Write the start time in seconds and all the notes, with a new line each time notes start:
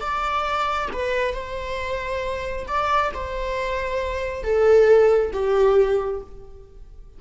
0.00 D5
0.92 B4
1.34 C5
2.67 D5
3.13 C5
4.43 A4
5.32 G4